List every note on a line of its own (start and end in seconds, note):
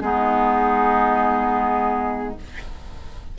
0.00 2.36 G#3
0.00 2.37 B3
0.00 2.39 D#4
0.00 2.35 G#4